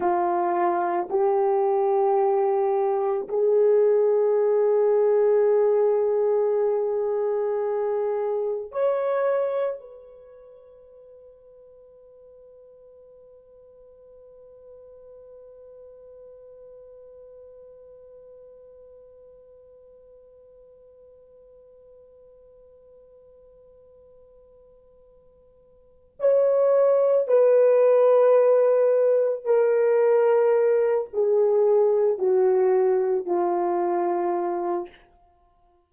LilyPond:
\new Staff \with { instrumentName = "horn" } { \time 4/4 \tempo 4 = 55 f'4 g'2 gis'4~ | gis'1 | cis''4 b'2.~ | b'1~ |
b'1~ | b'1 | cis''4 b'2 ais'4~ | ais'8 gis'4 fis'4 f'4. | }